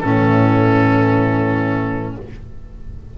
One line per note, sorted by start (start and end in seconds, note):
0.00 2.18 A2
0.00 2.17 E3
0.00 2.18 C#4
0.00 2.14 A4